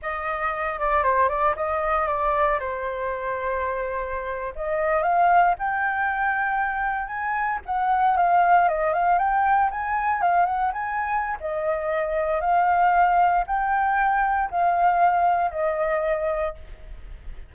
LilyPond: \new Staff \with { instrumentName = "flute" } { \time 4/4 \tempo 4 = 116 dis''4. d''8 c''8 d''8 dis''4 | d''4 c''2.~ | c''8. dis''4 f''4 g''4~ g''16~ | g''4.~ g''16 gis''4 fis''4 f''16~ |
f''8. dis''8 f''8 g''4 gis''4 f''16~ | f''16 fis''8 gis''4~ gis''16 dis''2 | f''2 g''2 | f''2 dis''2 | }